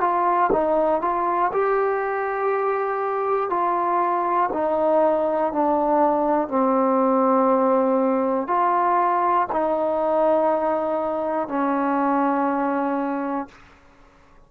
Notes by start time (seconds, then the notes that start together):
0.00 F4
0.52 D#4
1.01 F4
1.53 G4
3.50 F4
4.53 D#4
5.52 D4
6.48 C4
8.47 F4
9.52 D#4
11.48 C#4